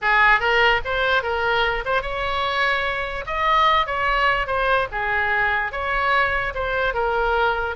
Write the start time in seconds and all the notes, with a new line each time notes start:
0.01 G#4
0.40 A#4
0.84 C5
1.22 A#4
1.85 C5
2.02 C#5
3.26 D#5
3.86 C#5
4.46 C5
4.91 G#4
5.71 C#5
6.54 C5
6.94 A#4